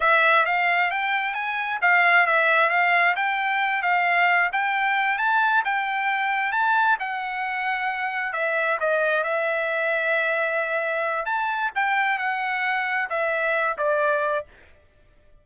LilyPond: \new Staff \with { instrumentName = "trumpet" } { \time 4/4 \tempo 4 = 133 e''4 f''4 g''4 gis''4 | f''4 e''4 f''4 g''4~ | g''8 f''4. g''4. a''8~ | a''8 g''2 a''4 fis''8~ |
fis''2~ fis''8 e''4 dis''8~ | dis''8 e''2.~ e''8~ | e''4 a''4 g''4 fis''4~ | fis''4 e''4. d''4. | }